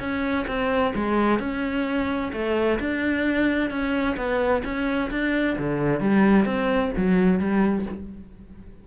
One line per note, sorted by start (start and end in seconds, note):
0.00 0.46 C#4
0.48 0.94 C4
0.95 1.40 G#3
1.40 2.32 C#4
2.33 2.79 A3
2.80 3.70 D4
3.70 4.17 C#4
4.17 4.63 B3
4.65 5.11 C#4
5.11 5.57 D4
5.59 6.01 D3
6.01 6.46 G3
6.46 6.92 C4
6.97 7.40 F#3
7.40 7.86 G3